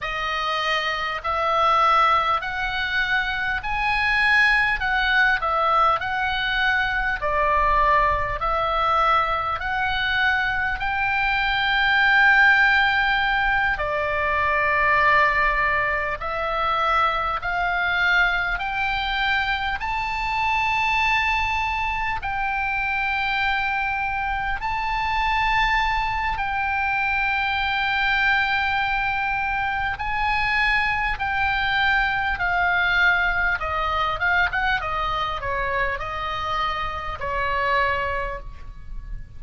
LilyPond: \new Staff \with { instrumentName = "oboe" } { \time 4/4 \tempo 4 = 50 dis''4 e''4 fis''4 gis''4 | fis''8 e''8 fis''4 d''4 e''4 | fis''4 g''2~ g''8 d''8~ | d''4. e''4 f''4 g''8~ |
g''8 a''2 g''4.~ | g''8 a''4. g''2~ | g''4 gis''4 g''4 f''4 | dis''8 f''16 fis''16 dis''8 cis''8 dis''4 cis''4 | }